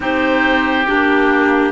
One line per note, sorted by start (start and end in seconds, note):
0.00 0.87 C4
0.00 0.85 D#4
0.00 1.72 G4
0.00 0.87 C5
0.86 1.72 A#3
0.86 1.72 D4
0.86 1.72 G4